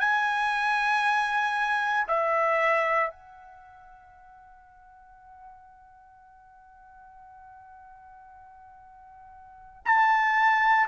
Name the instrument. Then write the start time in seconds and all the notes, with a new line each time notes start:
trumpet
0.00 G#5
2.08 E5
3.10 F#5
9.85 A5